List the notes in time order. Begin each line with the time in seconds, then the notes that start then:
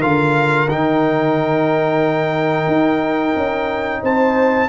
0.00 D3 F4 A#4 F5
0.68 D#3 D#4 G5
2.67 D#4
3.36 C#4
4.03 C4 C5 A5